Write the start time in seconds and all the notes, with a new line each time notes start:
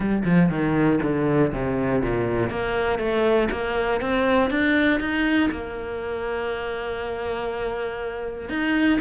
0.00 G3
0.25 F3
0.49 D#3
1.02 D3
1.52 C3
2.02 A#2
2.50 A#3
2.98 A3
3.51 A#3
4.00 C4
4.50 D4
5.00 D#4
5.51 A#3
8.49 D#4